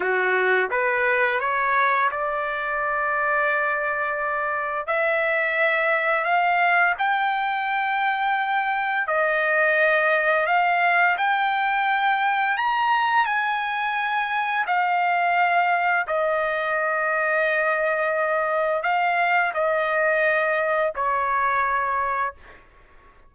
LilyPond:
\new Staff \with { instrumentName = "trumpet" } { \time 4/4 \tempo 4 = 86 fis'4 b'4 cis''4 d''4~ | d''2. e''4~ | e''4 f''4 g''2~ | g''4 dis''2 f''4 |
g''2 ais''4 gis''4~ | gis''4 f''2 dis''4~ | dis''2. f''4 | dis''2 cis''2 | }